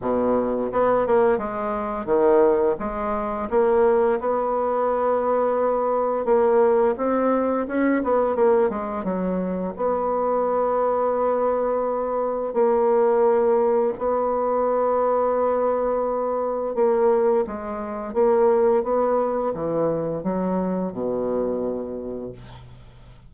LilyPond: \new Staff \with { instrumentName = "bassoon" } { \time 4/4 \tempo 4 = 86 b,4 b8 ais8 gis4 dis4 | gis4 ais4 b2~ | b4 ais4 c'4 cis'8 b8 | ais8 gis8 fis4 b2~ |
b2 ais2 | b1 | ais4 gis4 ais4 b4 | e4 fis4 b,2 | }